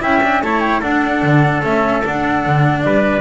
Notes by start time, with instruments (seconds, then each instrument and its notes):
0.00 double bass C#4, cello E4, trumpet E5, flute G5
0.23 cello D4
0.42 double bass A3, cello E4, trumpet C#5, flute A5
0.60 flute G5
0.80 cello D4, double bass D4, trumpet A4, flute F#5
1.22 double bass D3
1.63 double bass A3, cello C#4, flute E5
2.04 cello D4, double bass D4, flute F#5
2.46 double bass D3
2.82 double bass G3, trumpet B4, flute D5